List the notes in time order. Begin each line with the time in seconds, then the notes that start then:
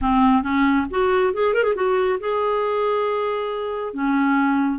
0.01 C4
0.42 C#4
0.90 F#4
1.33 G#4
1.53 A#4
1.63 G#4
1.75 F#4
2.20 G#4
3.93 C#4